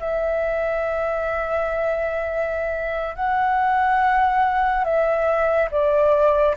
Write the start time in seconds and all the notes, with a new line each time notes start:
0.00 E5
3.16 F#5
4.85 E5
5.72 D5